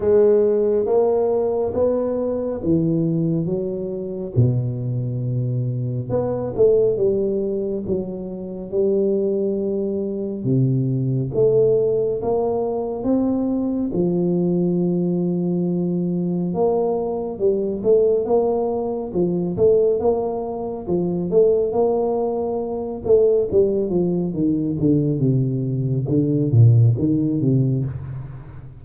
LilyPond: \new Staff \with { instrumentName = "tuba" } { \time 4/4 \tempo 4 = 69 gis4 ais4 b4 e4 | fis4 b,2 b8 a8 | g4 fis4 g2 | c4 a4 ais4 c'4 |
f2. ais4 | g8 a8 ais4 f8 a8 ais4 | f8 a8 ais4. a8 g8 f8 | dis8 d8 c4 d8 ais,8 dis8 c8 | }